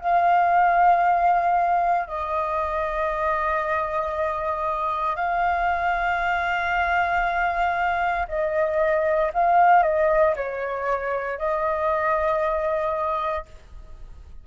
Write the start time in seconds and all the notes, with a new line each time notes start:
0.00 F5
2.07 D#5
5.16 F5
8.28 D#5
9.33 F5
9.82 D#5
10.35 C#5
11.38 D#5